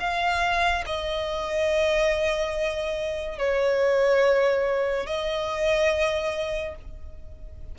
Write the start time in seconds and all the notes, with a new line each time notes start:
0.00 F5
0.86 D#5
3.38 C#5
5.06 D#5